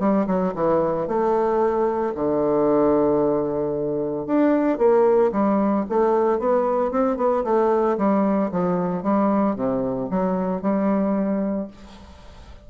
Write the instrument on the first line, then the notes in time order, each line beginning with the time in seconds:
bassoon
0.00 G3
0.27 F#3
0.55 E3
1.08 A3
2.15 D3
4.26 D4
4.78 A#3
5.32 G3
5.90 A3
6.40 B3
6.91 C4
7.17 B3
7.44 A3
7.98 G3
8.52 F3
9.03 G3
9.56 C3
10.11 F#3
10.62 G3